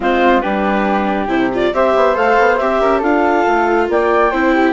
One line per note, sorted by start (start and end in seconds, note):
0.00 0.43 G#3
0.00 0.41 C4
0.00 0.42 F4
0.00 0.40 C5
0.40 1.27 G3
0.40 1.28 D4
0.40 1.71 G4
0.40 1.27 B4
1.27 1.70 C3
1.27 1.50 E4
1.27 1.50 C5
1.53 1.73 F4
1.53 1.74 D5
1.73 1.94 C4
1.73 2.14 G4
1.73 2.80 C5
1.73 2.16 E5
1.95 2.16 B3
2.14 2.38 A3
2.14 2.57 A4
2.14 2.57 F5
2.39 2.60 B3
2.57 2.80 C4
2.57 3.02 G4
2.57 3.01 E5
2.80 3.02 C#4
2.80 2.98 A#4
2.98 3.45 D4
2.98 4.31 F4
2.98 3.84 A4
2.98 3.88 F5
3.47 3.89 A3
3.89 4.32 A#3
3.89 4.31 D5
3.89 4.72 G5
4.31 4.72 C4
4.31 4.72 E4
4.31 4.53 C5
4.53 4.72 G4